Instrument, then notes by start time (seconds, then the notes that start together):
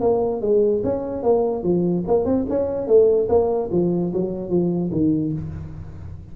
tuba
0.00 A#3
0.41 G#3
0.83 C#4
1.22 A#3
1.63 F3
2.07 A#3
2.25 C4
2.49 C#4
2.87 A3
3.28 A#3
3.71 F3
4.13 F#3
4.49 F3
4.91 D#3